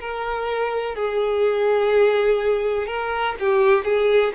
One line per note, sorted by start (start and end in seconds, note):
0.00 0.95 A#4
0.95 2.86 G#4
2.86 3.35 A#4
3.40 3.84 G4
3.84 4.32 G#4